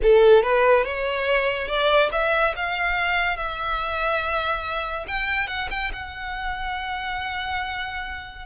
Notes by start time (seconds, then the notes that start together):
0.02 A4
0.42 B4
0.84 C#5
1.67 D5
2.12 E5
2.56 F5
3.36 E5
5.07 G5
5.47 F#5
5.70 G5
5.92 F#5